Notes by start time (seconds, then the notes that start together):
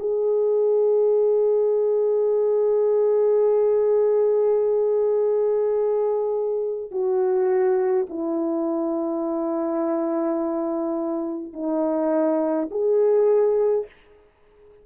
0.00 G#4
6.92 F#4
8.10 E4
11.54 D#4
12.71 G#4